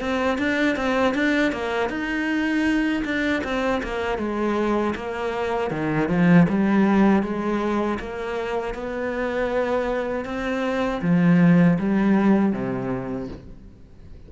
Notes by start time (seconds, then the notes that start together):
0.00 C4
0.38 D4
0.76 C4
1.14 D4
1.52 A#3
1.89 D#4
3.04 D4
3.43 C4
3.83 A#3
4.18 G#3
4.95 A#3
5.70 D#3
6.08 F3
6.48 G3
7.22 G#3
7.99 A#3
8.74 B3
10.25 C4
11.02 F3
11.79 G3
12.52 C3